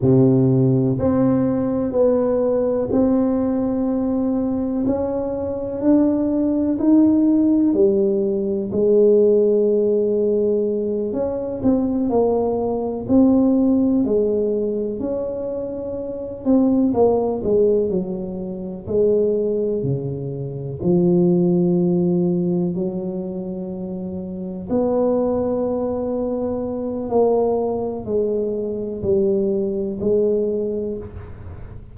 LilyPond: \new Staff \with { instrumentName = "tuba" } { \time 4/4 \tempo 4 = 62 c4 c'4 b4 c'4~ | c'4 cis'4 d'4 dis'4 | g4 gis2~ gis8 cis'8 | c'8 ais4 c'4 gis4 cis'8~ |
cis'4 c'8 ais8 gis8 fis4 gis8~ | gis8 cis4 f2 fis8~ | fis4. b2~ b8 | ais4 gis4 g4 gis4 | }